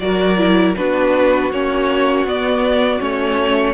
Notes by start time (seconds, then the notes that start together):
0.00 F#3 F#4 A#4 D5
0.38 E4
0.77 B3 D4 F#4 B4
1.51 A#3 C#4 C#5
2.25 B3 D5
3.00 A3 C#4 C#5